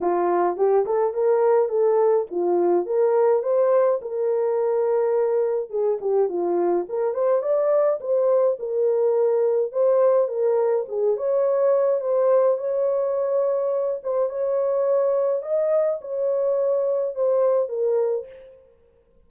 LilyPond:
\new Staff \with { instrumentName = "horn" } { \time 4/4 \tempo 4 = 105 f'4 g'8 a'8 ais'4 a'4 | f'4 ais'4 c''4 ais'4~ | ais'2 gis'8 g'8 f'4 | ais'8 c''8 d''4 c''4 ais'4~ |
ais'4 c''4 ais'4 gis'8 cis''8~ | cis''4 c''4 cis''2~ | cis''8 c''8 cis''2 dis''4 | cis''2 c''4 ais'4 | }